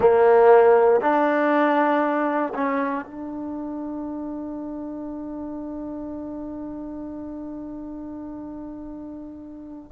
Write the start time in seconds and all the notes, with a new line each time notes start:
0.00 A#3
1.00 D4
2.54 C#4
3.05 D4